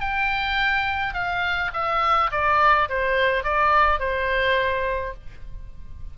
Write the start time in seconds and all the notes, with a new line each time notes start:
0.00 G5
1.14 F5
1.73 E5
2.31 D5
2.89 C5
3.44 D5
3.99 C5